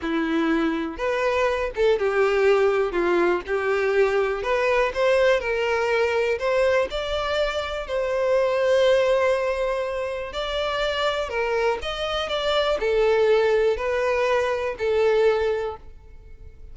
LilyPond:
\new Staff \with { instrumentName = "violin" } { \time 4/4 \tempo 4 = 122 e'2 b'4. a'8 | g'2 f'4 g'4~ | g'4 b'4 c''4 ais'4~ | ais'4 c''4 d''2 |
c''1~ | c''4 d''2 ais'4 | dis''4 d''4 a'2 | b'2 a'2 | }